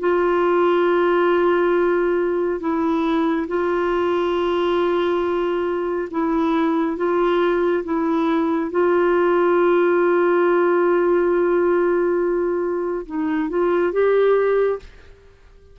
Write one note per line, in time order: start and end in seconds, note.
0.00 2.60 F4
2.60 3.47 E4
3.48 6.09 F4
6.11 6.97 E4
6.97 7.84 F4
7.85 8.71 E4
8.71 13.06 F4
13.06 13.50 D#4
13.50 13.93 F4
13.93 14.80 G4